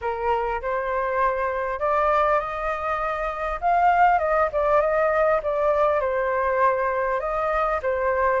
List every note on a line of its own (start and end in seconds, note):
0.01 0.61 A#4
0.61 1.79 C5
1.79 2.39 D5
2.39 3.59 D#5
3.61 4.18 F5
4.18 4.48 D#5
4.52 4.80 D5
4.80 5.40 D#5
5.42 6.00 D5
6.00 7.19 C5
7.19 7.79 D#5
7.82 8.40 C5